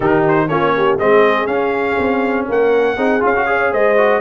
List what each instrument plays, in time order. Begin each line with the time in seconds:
0.00 tuba D#3, trombone D#4, horn G4, trumpet A#4
0.28 trumpet C5
0.48 tuba A#3, trombone C#4, horn F4, trumpet C#5
0.76 horn G4
0.98 tuba G#3, trombone C4, horn G#4, trumpet D#5
1.46 tuba C#4, trombone C#4, trumpet F5
1.98 tuba C4
2.48 tuba A#3, horn A#4, trumpet F#5
2.96 tuba C4, trombone D#4, horn G#4
3.20 tuba C#4, trombone F4, trumpet F5
3.35 trombone F#4
3.46 trombone G#4, horn C#5
3.71 tuba G#3, horn C5, trumpet D#5
3.97 trombone F#4